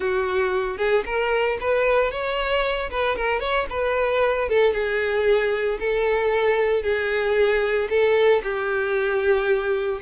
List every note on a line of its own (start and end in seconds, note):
0.00 0.77 F#4
0.77 1.04 G#4
1.05 1.58 A#4
1.60 2.11 B4
2.11 2.90 C#5
2.90 3.16 B4
3.16 3.40 A#4
3.40 3.66 C#5
3.69 4.48 B4
4.48 4.73 A4
4.73 5.78 G#4
5.79 6.83 A4
6.83 7.88 G#4
7.89 8.42 A4
8.43 10.00 G4